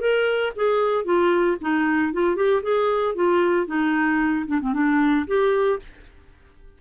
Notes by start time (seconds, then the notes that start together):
0.00 A#4
0.56 G#4
1.04 F4
1.61 D#4
2.13 F4
2.36 G4
2.62 G#4
3.15 F4
3.67 D#4
4.47 D4
4.61 C4
4.73 D4
5.27 G4